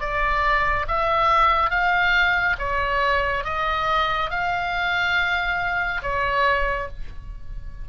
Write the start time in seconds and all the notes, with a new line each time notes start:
0.00 D5
0.88 E5
1.70 F5
2.59 C#5
3.44 D#5
4.30 F5
6.02 C#5